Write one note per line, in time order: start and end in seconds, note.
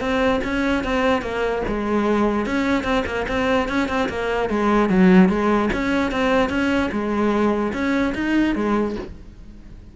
0.00 0.41 C4
0.44 0.84 C#4
0.84 1.22 C4
1.22 1.62 A#3
1.68 2.46 G#3
2.46 2.83 C#4
2.83 3.04 C4
3.06 3.26 A#3
3.28 3.69 C4
3.69 3.88 C#4
3.88 4.09 C4
4.09 4.49 A#3
4.49 4.89 G#3
4.89 5.29 F#3
5.29 5.69 G#3
5.73 6.11 C#4
6.11 6.49 C4
6.49 6.90 C#4
6.91 7.72 G#3
7.73 8.13 C#4
8.14 8.55 D#4
8.55 8.96 G#3